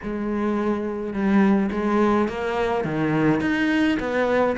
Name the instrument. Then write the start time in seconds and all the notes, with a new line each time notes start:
cello
0.03 G#3
1.13 G3
1.71 G#3
2.28 A#3
2.84 D#3
3.40 D#4
3.99 B3